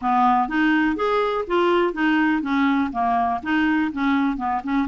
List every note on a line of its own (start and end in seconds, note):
0.01 0.48 B3
0.48 0.96 D#4
0.96 1.44 G#4
1.47 1.93 F4
1.93 2.42 D#4
2.42 2.90 C#4
2.92 3.40 A#3
3.42 3.91 D#4
3.92 4.36 C#4
4.36 4.61 B3
4.63 4.88 C#4